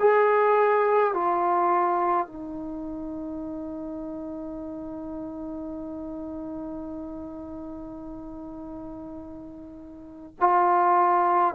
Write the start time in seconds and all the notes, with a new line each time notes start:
0.00 G#4
1.14 F4
2.27 D#4
10.40 F4